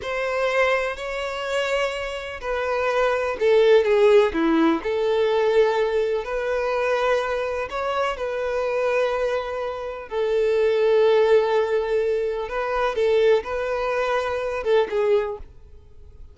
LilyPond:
\new Staff \with { instrumentName = "violin" } { \time 4/4 \tempo 4 = 125 c''2 cis''2~ | cis''4 b'2 a'4 | gis'4 e'4 a'2~ | a'4 b'2. |
cis''4 b'2.~ | b'4 a'2.~ | a'2 b'4 a'4 | b'2~ b'8 a'8 gis'4 | }